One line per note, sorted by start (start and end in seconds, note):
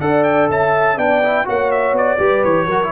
0.00 0.49 D4
0.00 0.98 A4
0.00 0.50 D5
0.00 0.23 F#5
0.23 0.48 G5
0.49 0.97 C#4
0.49 0.97 E5
0.49 0.98 A5
0.97 1.46 B3
0.97 1.22 D4
0.97 1.46 D5
0.97 1.47 G5
1.23 1.45 E4
1.45 1.92 A#3
1.45 2.18 F#4
1.45 2.19 C#5
1.45 1.71 F#5
1.71 1.96 E5
1.92 2.16 B3
1.92 2.44 D5
2.18 2.43 G3
2.18 2.67 G4
2.18 2.66 B4
2.44 2.66 E3
2.44 2.91 C#5
2.66 2.90 F#3
2.66 2.83 F#4
2.66 2.90 A#4
2.83 2.91 E4